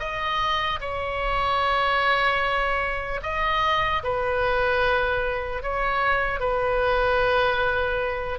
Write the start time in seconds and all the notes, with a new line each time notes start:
0.00 D#5
0.81 C#5
3.23 D#5
4.04 B4
5.63 C#5
6.40 B4